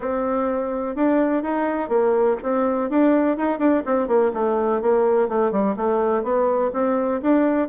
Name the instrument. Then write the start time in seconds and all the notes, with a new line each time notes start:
bassoon
0.00 C4
0.95 D4
1.43 D#4
1.88 A#3
2.42 C4
2.90 D4
3.37 D#4
3.58 D4
3.85 C4
4.07 A#3
4.33 A3
4.81 A#3
5.28 A3
5.51 G3
5.76 A3
6.23 B3
6.73 C4
7.22 D4